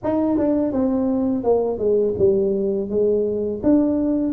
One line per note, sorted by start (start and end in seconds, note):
0.03 0.38 D#4
0.38 0.72 D4
0.72 1.43 C4
1.43 1.78 A#3
1.78 2.14 G#3
2.18 2.89 G3
2.89 3.61 G#3
3.63 4.33 D4